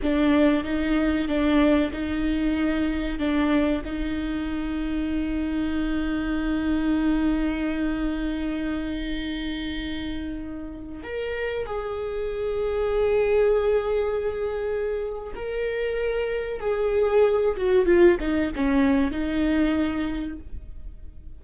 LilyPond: \new Staff \with { instrumentName = "viola" } { \time 4/4 \tempo 4 = 94 d'4 dis'4 d'4 dis'4~ | dis'4 d'4 dis'2~ | dis'1~ | dis'1~ |
dis'4~ dis'16 ais'4 gis'4.~ gis'16~ | gis'1 | ais'2 gis'4. fis'8 | f'8 dis'8 cis'4 dis'2 | }